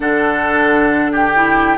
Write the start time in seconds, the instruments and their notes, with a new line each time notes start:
0.00 bassoon D3, clarinet D4, oboe A4, flute F#5
1.12 oboe G4, flute G5
1.35 clarinet E4